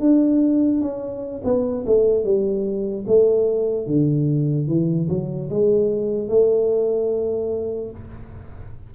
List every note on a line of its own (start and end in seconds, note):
0.00 0.81 D4
0.81 1.42 C#4
1.44 1.85 B3
1.86 2.24 A3
2.24 3.06 G3
3.08 3.87 A3
3.87 4.68 D3
4.68 5.09 E3
5.09 5.50 F#3
5.50 6.29 G#3
6.29 7.91 A3